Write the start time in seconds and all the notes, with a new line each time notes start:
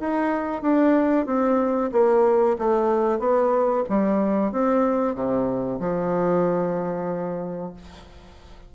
0.00 D#4
0.62 D4
1.26 C4
1.92 A#3
2.59 A3
3.19 B3
3.89 G3
4.52 C4
5.15 C3
5.79 F3